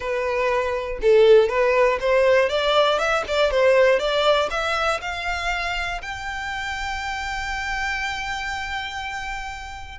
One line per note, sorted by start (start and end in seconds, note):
0.00 0.99 B4
1.01 1.48 A4
1.48 1.98 B4
2.00 2.49 C5
2.49 2.98 D5
2.98 3.23 E5
3.27 3.50 D5
3.50 3.99 C5
3.99 4.49 D5
4.50 5.00 E5
5.01 6.01 F5
6.02 9.98 G5